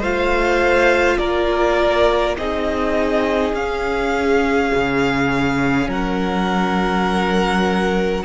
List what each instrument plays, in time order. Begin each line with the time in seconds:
0.00 cello A3, viola F4, violin C5 F5
1.18 cello A#3, violin A#4 D5
2.38 cello C4, viola D#4, violin G#4 D#5
3.54 cello C#4, viola C#4, violin F5
4.74 cello C#3
5.88 cello F#3, violin A#4 F#5